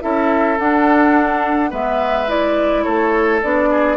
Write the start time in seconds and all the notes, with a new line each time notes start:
0.00 C#4 E4 A4 E5
0.58 D4 F#5
1.70 G#3 B3 B4 E5
2.27 E4 D5
2.83 A3 A4 C#5
3.42 B3 D4 D5
3.70 G#4